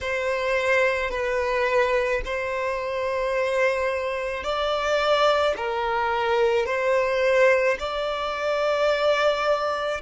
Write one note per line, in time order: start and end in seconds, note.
0.00 1.10 C5
1.10 2.21 B4
2.25 4.43 C5
4.43 5.54 D5
5.57 6.66 A#4
6.66 7.77 C5
7.79 10.01 D5